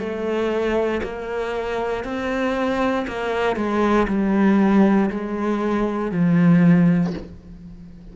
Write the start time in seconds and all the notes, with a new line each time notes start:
0.00 A3
1.04 A#3
2.05 C4
3.08 A#3
3.56 G#3
4.09 G3
5.11 G#3
6.12 F3